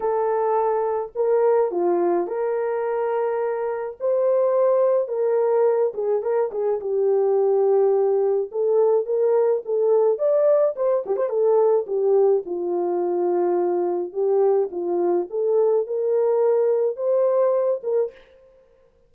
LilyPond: \new Staff \with { instrumentName = "horn" } { \time 4/4 \tempo 4 = 106 a'2 ais'4 f'4 | ais'2. c''4~ | c''4 ais'4. gis'8 ais'8 gis'8 | g'2. a'4 |
ais'4 a'4 d''4 c''8 g'16 c''16 | a'4 g'4 f'2~ | f'4 g'4 f'4 a'4 | ais'2 c''4. ais'8 | }